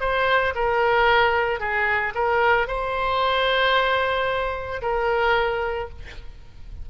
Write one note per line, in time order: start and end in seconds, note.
0.00 0.54 C5
0.55 1.60 A#4
1.60 2.13 G#4
2.15 2.67 A#4
2.67 4.81 C5
4.82 5.89 A#4